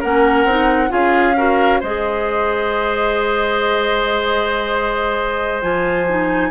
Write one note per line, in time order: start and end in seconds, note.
0.00 0.45 A#3
0.00 0.47 C#4
0.00 0.90 A#4
0.00 0.92 F#5
0.45 0.90 C4
0.45 0.89 D#4
0.89 1.82 C#4
0.89 1.33 F4
0.89 1.36 G#4
0.89 1.81 F5
1.37 1.81 F#4
1.37 1.80 A#4
1.80 5.62 G#3
1.80 5.62 G#4
1.80 6.50 C5
1.80 5.62 D#5
5.62 6.50 F3
5.62 6.07 F4
5.62 6.50 G#5
6.09 6.50 D#4